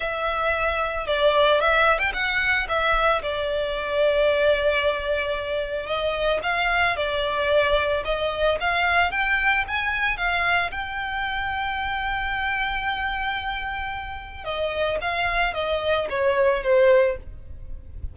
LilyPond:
\new Staff \with { instrumentName = "violin" } { \time 4/4 \tempo 4 = 112 e''2 d''4 e''8. g''16 | fis''4 e''4 d''2~ | d''2. dis''4 | f''4 d''2 dis''4 |
f''4 g''4 gis''4 f''4 | g''1~ | g''2. dis''4 | f''4 dis''4 cis''4 c''4 | }